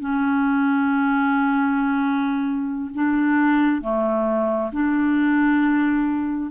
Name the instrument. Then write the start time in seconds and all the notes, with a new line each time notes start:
clarinet
0.00 C#4
2.94 D4
3.81 A3
4.72 D4